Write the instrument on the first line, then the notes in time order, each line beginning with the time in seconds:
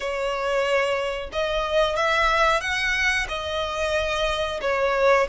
violin
0.00 C#5
1.32 D#5
1.96 E5
2.60 F#5
3.28 D#5
4.61 C#5